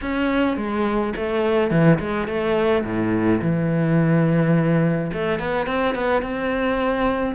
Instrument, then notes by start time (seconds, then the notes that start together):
cello
0.01 C#4
0.57 G#3
1.16 A3
1.70 E3
1.99 G#3
2.27 A3
2.84 A2
3.41 E3
5.13 A3
5.39 B3
5.66 C4
5.94 B3
6.21 C4